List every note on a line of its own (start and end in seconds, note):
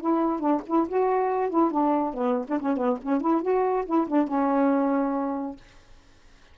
0.00 0.40 E4
0.40 0.61 D4
0.66 0.88 E4
0.88 1.49 F#4
1.49 1.71 E4
1.71 2.13 D4
2.13 2.45 B3
2.48 2.59 D4
2.59 2.76 C#4
2.76 2.98 B3
3.02 3.20 C#4
3.20 3.42 E4
3.42 3.85 F#4
3.85 4.07 E4
4.07 4.27 D4
4.27 5.56 C#4